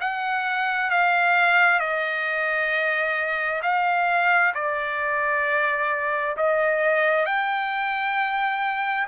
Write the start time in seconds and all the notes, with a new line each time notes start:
0.00 F#5
0.90 F5
1.80 D#5
3.62 F5
4.55 D5
6.37 D#5
7.25 G5